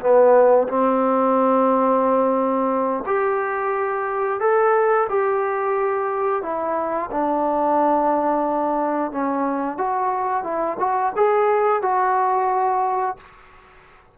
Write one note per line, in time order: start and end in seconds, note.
0.00 0.67 B3
0.68 3.04 C4
3.06 4.40 G4
4.40 5.07 A4
5.09 6.42 G4
6.42 7.10 E4
7.11 9.11 D4
9.11 9.77 C#4
9.77 10.43 F#4
10.43 10.77 E4
10.79 11.13 F#4
11.16 11.82 G#4
11.82 13.17 F#4